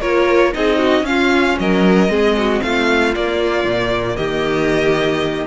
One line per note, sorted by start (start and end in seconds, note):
0.00 0.53 A#3
0.00 0.52 F4
0.00 0.52 A#4
0.00 0.53 C#5
0.52 1.02 C4
0.52 1.04 D#4
0.52 0.78 G#4
0.52 1.05 D#5
0.78 1.04 F#4
1.02 1.54 C#4
1.02 2.08 C#4
1.02 1.60 F4
1.02 1.57 F5
1.59 2.08 F#3
1.59 2.10 A#4
1.59 2.62 D#5
2.08 2.60 G#3
2.08 3.12 C4
2.08 2.36 G#4
2.37 2.63 F#4
2.62 3.15 A3
2.62 4.17 F4
2.62 3.14 F5
3.14 3.64 A#3
3.14 5.47 A#3
3.14 4.16 D5
3.64 4.16 A#2
4.16 5.47 D#3
4.16 5.47 G4
4.16 5.46 D#5